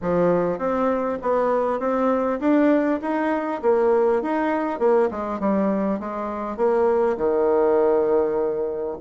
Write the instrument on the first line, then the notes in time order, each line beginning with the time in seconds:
bassoon
0.01 F3
0.58 C4
1.22 B3
1.79 C4
2.39 D4
3.01 D#4
3.62 A#3
4.22 D#4
4.79 A#3
5.10 G#3
5.39 G3
5.99 G#3
6.56 A#3
7.17 D#3